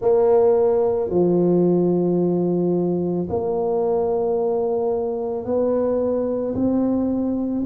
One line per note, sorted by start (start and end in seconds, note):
0.00 1.09 A#3
1.09 3.27 F3
3.29 5.45 A#3
5.45 6.54 B3
6.55 7.64 C4